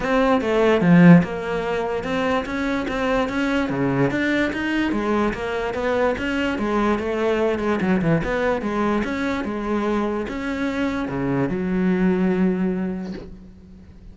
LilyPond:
\new Staff \with { instrumentName = "cello" } { \time 4/4 \tempo 4 = 146 c'4 a4 f4 ais4~ | ais4 c'4 cis'4 c'4 | cis'4 cis4 d'4 dis'4 | gis4 ais4 b4 cis'4 |
gis4 a4. gis8 fis8 e8 | b4 gis4 cis'4 gis4~ | gis4 cis'2 cis4 | fis1 | }